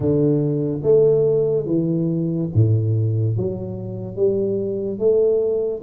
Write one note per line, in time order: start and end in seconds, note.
0.00 0.81 D3
0.83 1.66 A3
1.66 2.49 E3
2.54 3.36 A2
3.36 4.16 F#3
4.16 4.98 G3
4.98 5.82 A3